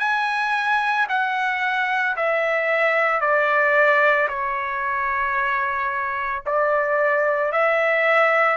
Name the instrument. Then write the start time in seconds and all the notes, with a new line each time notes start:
trumpet
0.00 G#5
1.09 F#5
2.17 E5
3.21 D5
4.29 C#5
6.46 D5
7.52 E5